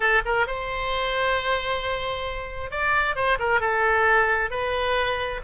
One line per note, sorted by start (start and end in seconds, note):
0.00 0.22 A4
0.25 0.46 A#4
0.46 2.70 C5
2.70 3.15 D5
3.15 3.38 C5
3.39 3.60 A#4
3.60 4.50 A4
4.50 5.40 B4